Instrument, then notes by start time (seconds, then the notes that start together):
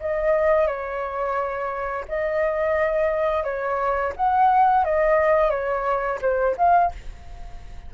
flute
0.00 D#5
0.67 C#5
2.08 D#5
3.43 C#5
4.16 F#5
4.84 D#5
5.50 C#5
6.21 C5
6.57 F5